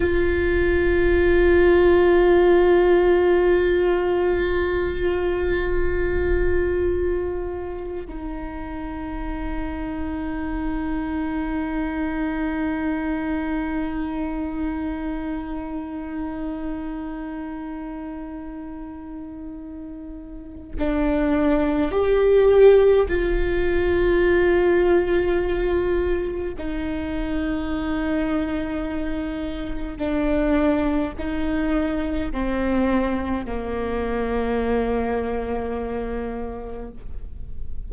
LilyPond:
\new Staff \with { instrumentName = "viola" } { \time 4/4 \tempo 4 = 52 f'1~ | f'2. dis'4~ | dis'1~ | dis'1~ |
dis'2 d'4 g'4 | f'2. dis'4~ | dis'2 d'4 dis'4 | c'4 ais2. | }